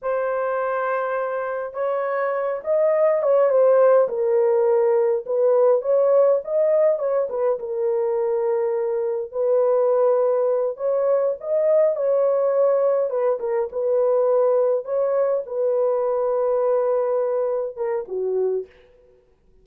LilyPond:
\new Staff \with { instrumentName = "horn" } { \time 4/4 \tempo 4 = 103 c''2. cis''4~ | cis''8 dis''4 cis''8 c''4 ais'4~ | ais'4 b'4 cis''4 dis''4 | cis''8 b'8 ais'2. |
b'2~ b'8 cis''4 dis''8~ | dis''8 cis''2 b'8 ais'8 b'8~ | b'4. cis''4 b'4.~ | b'2~ b'8 ais'8 fis'4 | }